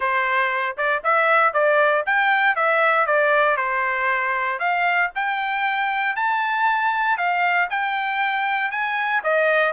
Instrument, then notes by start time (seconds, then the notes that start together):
trumpet
0.00 C5
0.77 D5
1.03 E5
1.53 D5
2.06 G5
2.55 E5
3.06 D5
3.56 C5
4.59 F5
5.15 G5
6.15 A5
7.17 F5
7.70 G5
8.71 G#5
9.23 D#5